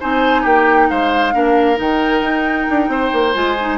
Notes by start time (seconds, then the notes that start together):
0.00 C4 D#4 C5 G#5
0.42 A#3 G4 G5
0.90 G#3 C5 F5
1.33 A#3 D4 A#4
1.76 D#3 D#4 G5
2.22 D#4
2.70 D4
2.88 C4 C5
3.13 A#3
3.34 G#3 F4 G#5
3.61 D#4